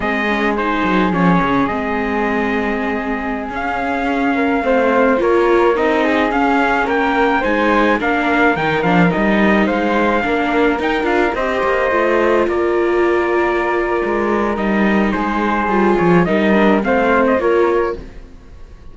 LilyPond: <<
  \new Staff \with { instrumentName = "trumpet" } { \time 4/4 \tempo 4 = 107 dis''4 c''4 cis''4 dis''4~ | dis''2~ dis''16 f''4.~ f''16~ | f''4~ f''16 cis''4 dis''4 f''8.~ | f''16 g''4 gis''4 f''4 g''8 f''16~ |
f''16 dis''4 f''2 g''8 f''16~ | f''16 dis''2 d''4.~ d''16~ | d''2 dis''4 c''4~ | c''8 cis''8 dis''4 f''8. dis''16 cis''4 | }
  \new Staff \with { instrumentName = "flute" } { \time 4/4 gis'1~ | gis'2.~ gis'8. ais'16~ | ais'16 c''4 ais'4. gis'4~ gis'16~ | gis'16 ais'4 c''4 ais'4.~ ais'16~ |
ais'4~ ais'16 c''4 ais'4.~ ais'16~ | ais'16 c''2 ais'4.~ ais'16~ | ais'2. gis'4~ | gis'4 ais'4 c''4 ais'4 | }
  \new Staff \with { instrumentName = "viola" } { \time 4/4 c'8 cis'8 dis'4 cis'4 c'4~ | c'2~ c'16 cis'4.~ cis'16~ | cis'16 c'4 f'4 dis'4 cis'8.~ | cis'4~ cis'16 dis'4 d'4 dis'8 d'16~ |
d'16 dis'2 d'4 dis'8 f'16~ | f'16 g'4 f'2~ f'8.~ | f'2 dis'2 | f'4 dis'8 d'8 c'4 f'4 | }
  \new Staff \with { instrumentName = "cello" } { \time 4/4 gis4. fis8 f8 cis8 gis4~ | gis2~ gis16 cis'4.~ cis'16~ | cis'16 a4 ais4 c'4 cis'8.~ | cis'16 ais4 gis4 ais4 dis8 f16~ |
f16 g4 gis4 ais4 dis'8 d'16~ | d'16 c'8 ais8 a4 ais4.~ ais16~ | ais4 gis4 g4 gis4 | g8 f8 g4 a4 ais4 | }
>>